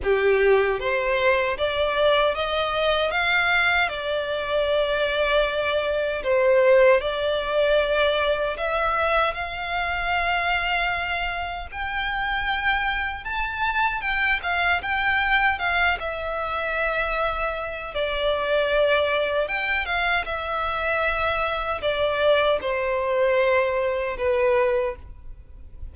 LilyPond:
\new Staff \with { instrumentName = "violin" } { \time 4/4 \tempo 4 = 77 g'4 c''4 d''4 dis''4 | f''4 d''2. | c''4 d''2 e''4 | f''2. g''4~ |
g''4 a''4 g''8 f''8 g''4 | f''8 e''2~ e''8 d''4~ | d''4 g''8 f''8 e''2 | d''4 c''2 b'4 | }